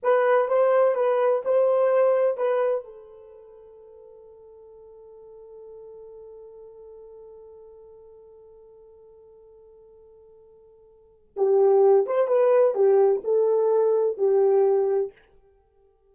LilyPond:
\new Staff \with { instrumentName = "horn" } { \time 4/4 \tempo 4 = 127 b'4 c''4 b'4 c''4~ | c''4 b'4 a'2~ | a'1~ | a'1~ |
a'1~ | a'1 | g'4. c''8 b'4 g'4 | a'2 g'2 | }